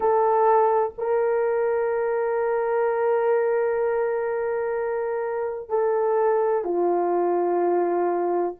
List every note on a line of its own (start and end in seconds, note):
0.00 0.93 A4
0.98 5.69 A#4
5.69 6.64 A4
6.64 8.55 F4